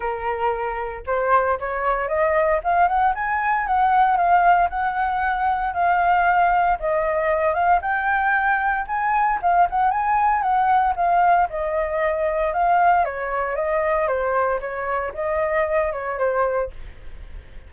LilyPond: \new Staff \with { instrumentName = "flute" } { \time 4/4 \tempo 4 = 115 ais'2 c''4 cis''4 | dis''4 f''8 fis''8 gis''4 fis''4 | f''4 fis''2 f''4~ | f''4 dis''4. f''8 g''4~ |
g''4 gis''4 f''8 fis''8 gis''4 | fis''4 f''4 dis''2 | f''4 cis''4 dis''4 c''4 | cis''4 dis''4. cis''8 c''4 | }